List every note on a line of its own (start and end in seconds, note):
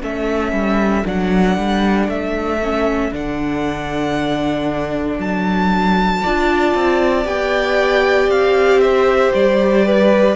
0.00 0.52 A3
0.00 1.03 C#4
0.00 6.22 A4
0.00 1.06 E5
0.52 1.03 G3
1.04 1.57 F#3
1.04 2.59 D4
1.04 2.09 F#5
1.57 2.08 G3
2.08 3.11 A3
2.08 3.13 E5
2.63 3.11 C#4
3.11 5.18 D3
3.11 6.22 D4
3.11 5.20 F#5
5.18 6.21 F#3
5.18 7.27 A5
6.22 6.74 D4
6.22 7.24 F4
6.22 8.80 D5
6.74 7.25 C4
7.24 8.27 B3
7.24 10.34 G4
7.24 8.30 G5
8.27 9.31 C4
8.27 8.80 F5
8.80 9.85 C5
8.80 9.31 E5
9.33 10.36 G3
9.33 10.36 D5
9.85 10.36 B4